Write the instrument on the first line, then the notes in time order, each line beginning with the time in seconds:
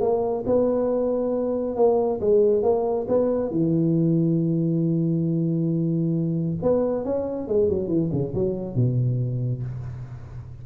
tuba
0.00 A#3
0.46 B3
1.76 A#3
2.20 G#3
2.62 A#3
3.08 B3
3.50 E3
6.62 B3
7.04 C#4
7.48 G#3
7.69 F#3
7.88 E3
8.12 C#3
8.34 F#3
8.75 B2